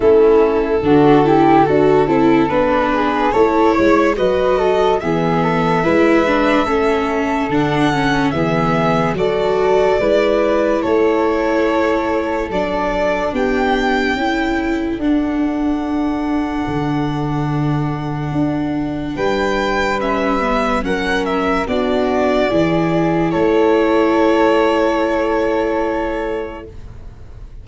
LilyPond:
<<
  \new Staff \with { instrumentName = "violin" } { \time 4/4 \tempo 4 = 72 a'2. b'4 | cis''4 dis''4 e''2~ | e''4 fis''4 e''4 d''4~ | d''4 cis''2 d''4 |
g''2 fis''2~ | fis''2. g''4 | e''4 fis''8 e''8 d''2 | cis''1 | }
  \new Staff \with { instrumentName = "flute" } { \time 4/4 e'4 fis'8 g'8 a'4. gis'8 | a'8 cis''8 b'8 a'8 gis'8 a'8 b'4 | a'2 gis'4 a'4 | b'4 a'2. |
g'4 a'2.~ | a'2. b'4~ | b'4 ais'4 fis'4 gis'4 | a'1 | }
  \new Staff \with { instrumentName = "viola" } { \time 4/4 cis'4 d'8 e'8 fis'8 e'8 d'4 | e'4 fis'4 b4 e'8 d'8 | cis'4 d'8 cis'8 b4 fis'4 | e'2. d'4~ |
d'4 e'4 d'2~ | d'1 | cis'8 b8 cis'4 d'4 e'4~ | e'1 | }
  \new Staff \with { instrumentName = "tuba" } { \time 4/4 a4 d4 d'8 c'8 b4 | a8 gis8 fis4 e4 gis4 | a4 d4 e4 fis4 | gis4 a2 fis4 |
b4 cis'4 d'2 | d2 d'4 g4~ | g4 fis4 b4 e4 | a1 | }
>>